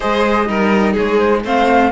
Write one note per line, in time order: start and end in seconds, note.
0.00 0.48 G#3
0.00 0.46 G#4
0.00 0.48 C5
0.00 0.96 D#5
0.46 0.96 G3
0.46 1.42 D#4
0.46 0.92 A#4
0.92 1.44 G#3
0.92 1.40 G#4
0.92 1.18 C#5
1.18 1.42 C5
1.43 1.92 A3
1.43 1.91 C4
1.43 1.92 C5
1.43 1.92 F5